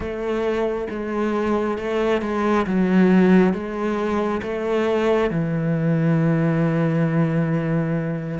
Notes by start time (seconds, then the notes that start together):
0.00 A3
0.90 G#3
1.78 A3
2.21 G#3
2.66 F#3
3.53 G#3
4.42 A3
5.30 E3